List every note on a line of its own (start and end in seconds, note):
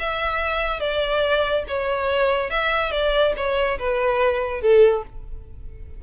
0.00 0.80 E5
0.80 1.64 D5
1.68 2.51 C#5
2.51 2.92 E5
2.92 3.34 D5
3.37 3.79 C#5
3.79 4.62 B4
4.62 5.04 A4